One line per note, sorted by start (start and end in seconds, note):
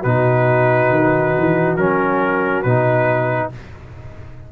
0.00 0.90 B2
0.00 1.78 D#4
0.00 3.48 F#4
0.00 1.76 B4
0.90 1.34 D#3
1.38 1.77 E3
1.76 2.64 F#3
1.76 2.65 C#4
1.76 2.62 A#4
2.62 3.51 B2
2.62 3.52 D#4
2.62 3.49 B4